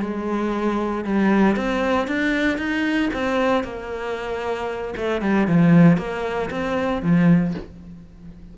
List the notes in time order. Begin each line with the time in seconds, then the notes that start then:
0.00 G#3
1.04 G3
1.56 C4
2.08 D4
2.58 D#4
3.13 C4
3.64 A#3
4.97 A3
5.22 G3
5.47 F3
5.97 A#3
6.50 C4
7.02 F3